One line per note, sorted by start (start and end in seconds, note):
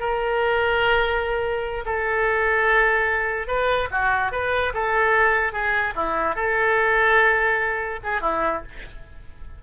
0.00 1.85 A#4
1.86 3.48 A4
3.48 3.89 B4
3.91 4.32 F#4
4.32 4.73 B4
4.74 5.53 A4
5.53 5.94 G#4
5.96 6.36 E4
6.36 8.00 A4
8.04 8.21 G#4
8.21 8.62 E4